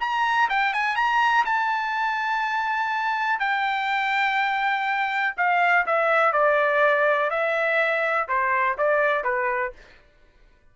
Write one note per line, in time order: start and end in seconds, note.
0.00 0.49 A#5
0.49 0.73 G5
0.73 0.96 G#5
0.96 1.45 A#5
1.45 3.39 A5
3.39 5.34 G5
5.37 5.86 F5
5.86 6.33 E5
6.33 7.30 D5
7.30 8.28 E5
8.28 8.77 C5
8.78 9.24 D5
9.24 9.72 B4